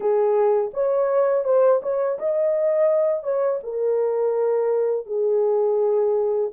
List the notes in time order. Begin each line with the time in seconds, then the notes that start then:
0.00 G#4
0.73 C#5
1.44 C5
1.82 C#5
2.18 D#5
3.23 C#5
3.63 A#4
5.06 G#4